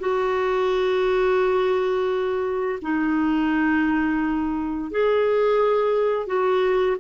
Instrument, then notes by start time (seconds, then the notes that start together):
clarinet
0.00 F#4
2.82 D#4
4.91 G#4
6.27 F#4